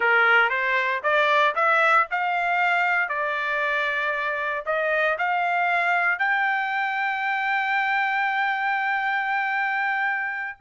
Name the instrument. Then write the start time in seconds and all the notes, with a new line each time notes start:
trumpet
0.00 A#4
0.49 C5
1.03 D5
1.55 E5
2.10 F5
3.08 D5
4.65 D#5
5.18 F5
6.18 G5